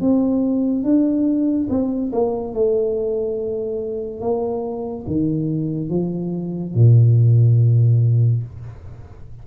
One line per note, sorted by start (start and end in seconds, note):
0.00 0.83 C4
0.83 1.68 D4
1.69 2.11 C4
2.12 2.54 A#3
2.54 4.20 A3
4.20 5.05 A#3
5.07 5.89 D#3
5.89 6.74 F3
6.74 8.43 A#2